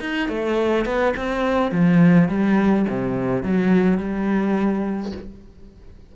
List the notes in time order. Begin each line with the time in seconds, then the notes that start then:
0.00 D#4
0.29 A3
0.85 B3
1.17 C4
1.71 F3
2.28 G3
2.89 C3
3.43 F#3
3.98 G3